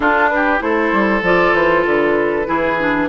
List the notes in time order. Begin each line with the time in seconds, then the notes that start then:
0.00 D4 F4 A4
0.29 G4 B4
0.58 A3 E4 A4 C5
0.92 G3
1.22 F3 F4 D5
1.53 E3 C5
1.85 D3 B4
2.46 E3 E4 G#4
2.79 D4